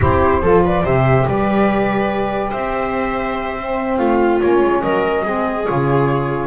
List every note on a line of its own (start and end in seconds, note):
0.00 0.42 C4
0.00 0.42 E4
0.00 0.42 G4
0.00 0.65 C5
0.42 0.84 F3
0.42 0.84 F4
0.42 0.63 A4
0.65 0.84 B4
0.65 0.86 D5
0.84 1.26 C3
0.84 3.58 G4
0.84 1.26 C5
0.84 1.27 E5
1.26 2.52 G3
1.26 2.50 B4
1.26 2.51 D5
2.50 3.98 C4
2.50 3.97 C5
2.50 3.97 E5
3.58 4.42 C4
3.97 4.40 A3
3.97 4.82 F4
3.97 4.39 F5
4.40 4.61 A#3
4.40 5.24 C#4
4.40 4.82 C#5
4.61 4.82 G#3
4.82 5.25 F#3
4.82 5.24 A#4
4.82 5.65 D#5
5.24 5.67 G#3
5.24 5.64 C4
5.24 6.47 G#4
5.64 6.47 C#3
5.64 6.47 F4
5.64 6.47 C#5